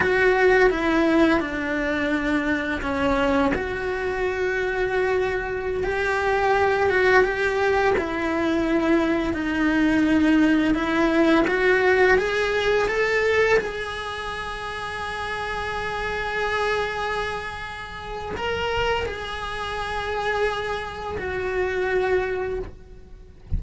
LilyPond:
\new Staff \with { instrumentName = "cello" } { \time 4/4 \tempo 4 = 85 fis'4 e'4 d'2 | cis'4 fis'2.~ | fis'16 g'4. fis'8 g'4 e'8.~ | e'4~ e'16 dis'2 e'8.~ |
e'16 fis'4 gis'4 a'4 gis'8.~ | gis'1~ | gis'2 ais'4 gis'4~ | gis'2 fis'2 | }